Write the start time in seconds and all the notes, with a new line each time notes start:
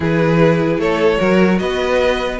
0.00 E3 E4 G#4 B4
0.77 A3 A4 C#5
1.17 F#3 F#4 A#4
1.58 B3 B4 D#5